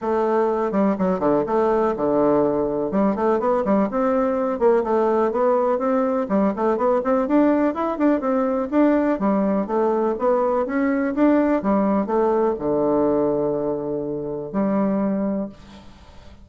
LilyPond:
\new Staff \with { instrumentName = "bassoon" } { \time 4/4 \tempo 4 = 124 a4. g8 fis8 d8 a4 | d2 g8 a8 b8 g8 | c'4. ais8 a4 b4 | c'4 g8 a8 b8 c'8 d'4 |
e'8 d'8 c'4 d'4 g4 | a4 b4 cis'4 d'4 | g4 a4 d2~ | d2 g2 | }